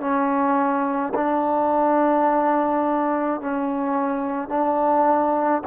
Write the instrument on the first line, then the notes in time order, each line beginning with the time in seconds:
trombone
0.00 C#4
1.14 D4
3.41 C#4
4.49 D4